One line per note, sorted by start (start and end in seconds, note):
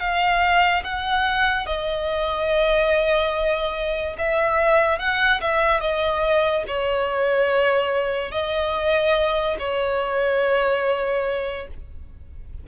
0.00 0.83 F5
0.84 1.66 F#5
1.66 4.16 D#5
4.18 4.99 E5
4.99 5.41 F#5
5.41 5.81 E5
5.81 6.64 D#5
6.68 8.31 C#5
8.31 9.56 D#5
9.59 11.67 C#5